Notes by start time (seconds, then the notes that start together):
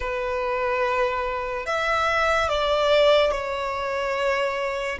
0.00 B4
1.66 E5
2.48 D5
3.31 C#5